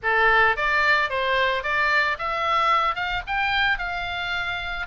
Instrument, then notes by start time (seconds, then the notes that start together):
oboe
0.02 A4
0.56 D5
1.09 C5
1.63 D5
2.18 E5
2.95 F5
3.26 G5
3.78 F5